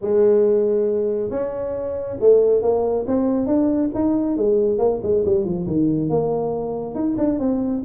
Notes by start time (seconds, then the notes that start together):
0.01 G#3
1.30 C#4
2.20 A3
2.62 A#3
3.07 C4
3.46 D4
3.94 D#4
4.37 G#3
4.78 A#3
5.02 G#3
5.25 G3
5.44 F3
5.66 D#3
6.09 A#3
6.94 D#4
7.17 D4
7.39 C4